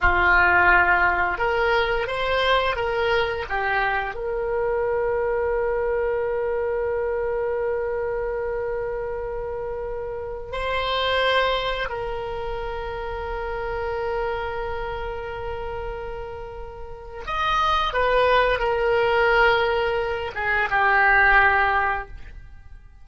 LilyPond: \new Staff \with { instrumentName = "oboe" } { \time 4/4 \tempo 4 = 87 f'2 ais'4 c''4 | ais'4 g'4 ais'2~ | ais'1~ | ais'2.~ ais'16 c''8.~ |
c''4~ c''16 ais'2~ ais'8.~ | ais'1~ | ais'4 dis''4 b'4 ais'4~ | ais'4. gis'8 g'2 | }